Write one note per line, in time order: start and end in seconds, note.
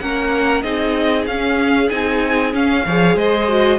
0.00 0.63 A#3
0.00 0.64 C#4
0.00 0.64 A#4
0.00 0.62 F#5
0.62 1.26 C4
0.62 1.27 D#4
0.62 2.85 G#4
0.62 1.25 D#5
1.26 1.89 C#4
1.26 1.91 C#4
1.26 1.89 F5
1.89 2.54 C4
1.89 2.53 D#4
1.89 2.53 G#5
2.53 2.84 C#4
2.53 2.86 C#4
2.53 3.18 F5
2.86 3.15 F3
2.86 3.48 G#4
2.86 3.16 C#5
3.15 3.78 G#3
3.15 3.79 C5
3.15 3.79 D#5
3.48 3.79 F#4